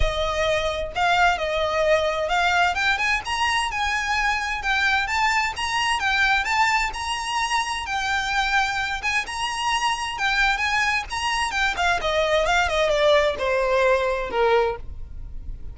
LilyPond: \new Staff \with { instrumentName = "violin" } { \time 4/4 \tempo 4 = 130 dis''2 f''4 dis''4~ | dis''4 f''4 g''8 gis''8 ais''4 | gis''2 g''4 a''4 | ais''4 g''4 a''4 ais''4~ |
ais''4 g''2~ g''8 gis''8 | ais''2 g''4 gis''4 | ais''4 g''8 f''8 dis''4 f''8 dis''8 | d''4 c''2 ais'4 | }